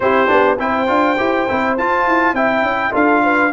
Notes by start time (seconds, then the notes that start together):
0.00 C4 E4 G4 C5
0.27 B3 D4
0.59 C4 E4 C5 G5
0.87 D4 F4
1.18 E4 G4
1.48 C4 E4
1.77 F4 A5
2.07 E4
2.33 C4 E4 E5 G5
2.62 C#4
2.91 D4 F4 A4 F5
3.22 B4